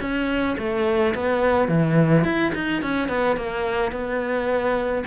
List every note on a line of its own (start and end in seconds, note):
0.00 0.56 C#4
0.58 1.14 A3
1.14 1.68 B3
1.68 2.24 E3
2.24 2.52 E4
2.54 2.82 D#4
2.82 3.08 C#4
3.08 3.36 B3
3.36 3.91 A#3
3.91 5.03 B3